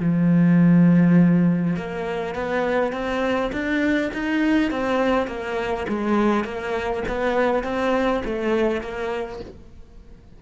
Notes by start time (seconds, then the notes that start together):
0.00 F3
1.77 A#3
2.35 B3
2.93 C4
3.53 D4
4.14 D#4
4.71 C4
5.28 A#3
5.89 G#3
6.45 A#3
7.08 B3
7.64 C4
8.25 A3
8.81 A#3